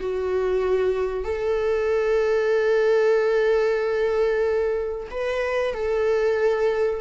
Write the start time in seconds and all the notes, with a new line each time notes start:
0.00 F#4
1.25 A4
5.11 B4
5.74 A4